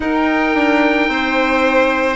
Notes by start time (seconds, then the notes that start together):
0.00 D#4 A#4 G5
0.54 D4
1.08 C4 C5